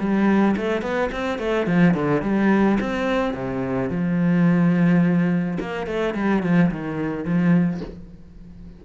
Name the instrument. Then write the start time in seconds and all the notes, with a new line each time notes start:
cello
0.00 G3
0.57 A3
0.82 B3
1.12 C4
1.39 A3
1.67 F3
1.95 D3
2.23 G3
2.81 C4
3.34 C3
3.90 F3
5.60 A#3
5.87 A3
6.15 G3
6.43 F3
6.71 D#3
7.25 F3